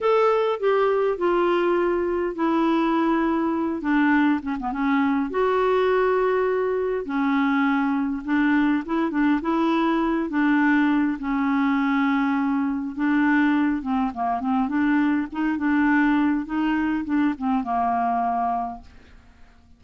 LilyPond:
\new Staff \with { instrumentName = "clarinet" } { \time 4/4 \tempo 4 = 102 a'4 g'4 f'2 | e'2~ e'8 d'4 cis'16 b16 | cis'4 fis'2. | cis'2 d'4 e'8 d'8 |
e'4. d'4. cis'4~ | cis'2 d'4. c'8 | ais8 c'8 d'4 dis'8 d'4. | dis'4 d'8 c'8 ais2 | }